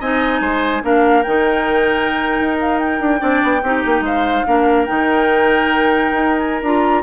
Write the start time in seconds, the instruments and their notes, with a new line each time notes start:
0.00 bassoon C4, clarinet D#4, oboe D#5, flute G#5
0.40 bassoon G#3, oboe C5
0.82 bassoon A#3, clarinet D4, oboe A#4, flute F5
1.22 bassoon D#3, clarinet D#4, flute G5
2.40 bassoon D#4
2.60 flute F5
2.79 flute G5
3.00 bassoon D4
3.19 bassoon C4, clarinet D4, oboe D5
3.43 bassoon B3
3.63 bassoon C4, clarinet D#4, oboe G4
3.85 bassoon A#3
4.01 bassoon G#3, oboe C5, flute F5
4.46 bassoon A#3, clarinet D4, oboe A#4
4.85 bassoon D#3, clarinet D#4, flute G5
6.11 bassoon D#4
6.39 flute G#5
6.62 bassoon D4, clarinet F4, flute A#5